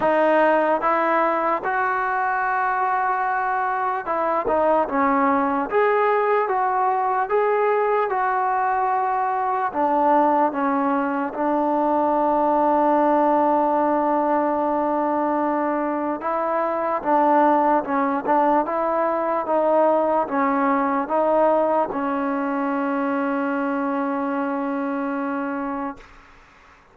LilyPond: \new Staff \with { instrumentName = "trombone" } { \time 4/4 \tempo 4 = 74 dis'4 e'4 fis'2~ | fis'4 e'8 dis'8 cis'4 gis'4 | fis'4 gis'4 fis'2 | d'4 cis'4 d'2~ |
d'1 | e'4 d'4 cis'8 d'8 e'4 | dis'4 cis'4 dis'4 cis'4~ | cis'1 | }